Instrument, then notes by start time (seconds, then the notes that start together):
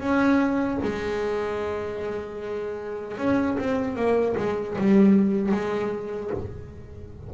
double bass
0.00 C#4
0.83 G#3
3.18 C#4
3.58 C4
3.96 A#3
4.37 G#3
4.78 G3
5.52 G#3